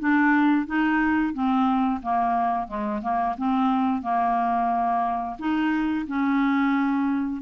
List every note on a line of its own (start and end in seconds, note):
0.00 0.67 D4
0.67 1.34 D#4
1.34 2.01 C4
2.03 2.68 A#3
2.68 3.02 G#3
3.02 3.36 A#3
3.38 4.03 C4
4.03 5.37 A#3
5.39 6.07 D#4
6.07 7.42 C#4